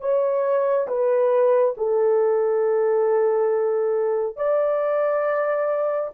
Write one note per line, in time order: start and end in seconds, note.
0.00 0.87 C#5
0.87 1.74 B4
1.77 4.36 A4
4.36 6.10 D5